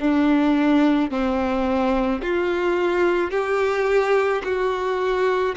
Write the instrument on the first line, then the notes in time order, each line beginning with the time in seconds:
violin
0.00 D4
1.11 C4
2.22 F4
3.31 G4
4.44 F#4